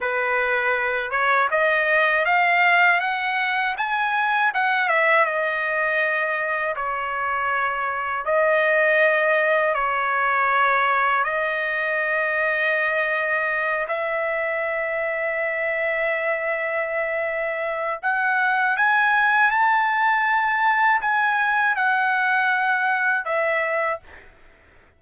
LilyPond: \new Staff \with { instrumentName = "trumpet" } { \time 4/4 \tempo 4 = 80 b'4. cis''8 dis''4 f''4 | fis''4 gis''4 fis''8 e''8 dis''4~ | dis''4 cis''2 dis''4~ | dis''4 cis''2 dis''4~ |
dis''2~ dis''8 e''4.~ | e''1 | fis''4 gis''4 a''2 | gis''4 fis''2 e''4 | }